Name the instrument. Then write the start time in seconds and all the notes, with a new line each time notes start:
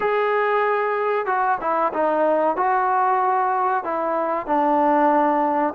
trombone
0.00 G#4
1.26 F#4
1.60 E4
1.93 D#4
2.56 F#4
3.84 E4
4.46 D4